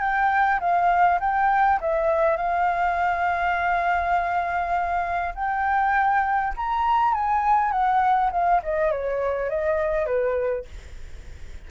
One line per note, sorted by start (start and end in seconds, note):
0.00 0.59 G5
0.59 1.19 F5
1.20 1.79 G5
1.81 2.37 E5
2.37 5.34 F5
5.34 6.53 G5
6.56 7.13 A#5
7.13 7.71 G#5
7.71 8.31 F#5
8.31 8.61 F5
8.62 8.91 D#5
8.91 9.49 C#5
9.49 10.06 D#5
10.06 10.65 B4